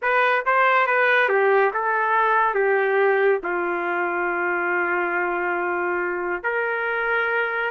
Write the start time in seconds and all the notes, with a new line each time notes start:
0.02 B4
0.45 C5
0.86 B4
1.29 G4
1.73 A4
2.54 G4
3.43 F4
6.43 A#4